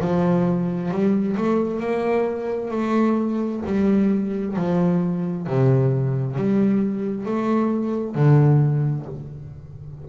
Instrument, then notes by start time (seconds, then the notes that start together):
double bass
0.00 F3
0.90 G3
1.37 A3
1.79 A#3
2.70 A3
3.65 G3
4.56 F3
5.47 C3
6.36 G3
7.26 A3
8.15 D3